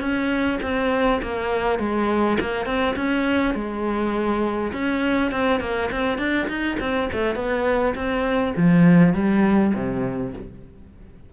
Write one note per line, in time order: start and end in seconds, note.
0.00 0.59 C#4
0.62 1.21 C4
1.22 1.79 A#3
1.79 2.37 G#3
2.40 2.66 A#3
2.66 2.95 C4
2.96 3.54 C#4
3.54 4.72 G#3
4.72 5.31 C#4
5.31 5.60 C4
5.60 5.90 A#3
5.91 6.18 C4
6.18 6.48 D4
6.48 6.77 D#4
6.80 7.09 C4
7.13 7.35 A3
7.35 7.94 B3
7.95 8.53 C4
8.56 9.14 F3
9.14 9.73 G3
9.74 10.33 C3